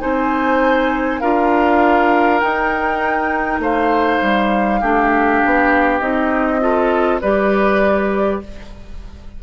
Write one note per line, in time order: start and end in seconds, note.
0.00 1.22 C4
0.00 1.21 D#4
0.00 1.21 C5
0.00 1.20 G#5
1.20 2.42 D4
1.20 2.41 F4
1.20 3.60 A#4
1.20 2.40 F5
2.40 4.80 D#4
2.40 3.59 D#4
2.40 3.60 G5
3.59 4.19 A3
3.59 4.80 C5
3.59 6.00 F5
4.22 4.82 G3
4.80 5.42 A3
4.80 6.01 D4
4.80 6.60 G4
5.45 6.00 B3
6.00 7.21 C4
6.00 6.60 D#4
6.00 7.20 D#5
6.60 7.20 F4
6.60 7.21 A4
7.21 8.42 G3
7.21 8.43 G4
7.21 8.41 B4
7.21 8.41 D5